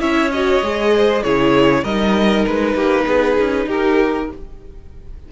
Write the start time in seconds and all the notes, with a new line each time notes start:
0.00 C#4 E4 C#5 E5
0.32 F#4 D#5
0.62 G#3 G#4
0.96 C5
1.23 C#3 E4 G#4 C#5
1.84 G3 D#4 A#4 D#5
2.47 G#3 B4
2.75 A#3 G4
3.07 B3 G#4
3.40 C#4
3.67 D#4 G4 A#4